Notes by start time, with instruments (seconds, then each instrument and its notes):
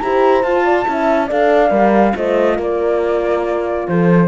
0.00 cello E4, horn G4 C5, flute A#5
0.42 horn F4, cello F4, flute A5
0.64 horn D5
0.86 cello C#4, horn E4 E5
1.27 cello D4, horn A4 D5, flute F5
1.70 cello G3, horn A#4
2.14 cello A3, horn F4 C5, flute D#5
2.56 cello A#3, horn A#4, flute D5
3.88 cello F3, horn A4, flute C5